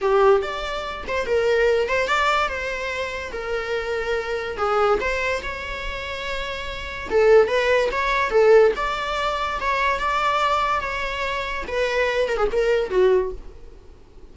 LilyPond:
\new Staff \with { instrumentName = "viola" } { \time 4/4 \tempo 4 = 144 g'4 d''4. c''8 ais'4~ | ais'8 c''8 d''4 c''2 | ais'2. gis'4 | c''4 cis''2.~ |
cis''4 a'4 b'4 cis''4 | a'4 d''2 cis''4 | d''2 cis''2 | b'4. ais'16 gis'16 ais'4 fis'4 | }